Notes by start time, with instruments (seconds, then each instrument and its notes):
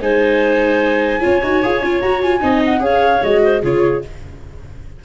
0.00 tuba G#3, viola D#4, clarinet C5, flute G#5
1.20 tuba C#4, viola F4, clarinet C#5
1.43 tuba D#4, viola F#4
1.62 tuba F4, viola G#4
1.81 tuba C#4, viola F4
2.01 tuba F#4, viola F#4, flute A#5
2.21 viola F4, flute G#5
2.40 tuba C4, viola D#4, clarinet D#5
2.65 flute F#5
2.79 tuba C#4, viola G#4, clarinet C#5, flute F5
3.22 tuba G#3, viola F#4, flute D#5
3.43 clarinet C5
3.62 tuba C#3, viola F4, clarinet G#4, flute C#5